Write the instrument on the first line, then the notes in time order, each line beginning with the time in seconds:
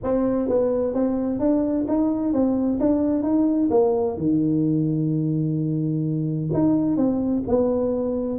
tuba
0.03 C4
0.48 B3
0.93 C4
1.39 D4
1.88 D#4
2.32 C4
2.79 D4
3.23 D#4
3.70 A#3
4.17 D#3
6.53 D#4
6.96 C4
7.47 B3